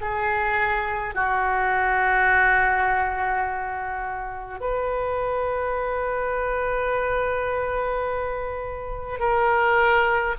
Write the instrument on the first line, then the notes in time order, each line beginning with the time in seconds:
oboe
0.00 G#4
1.14 F#4
4.60 B4
9.19 A#4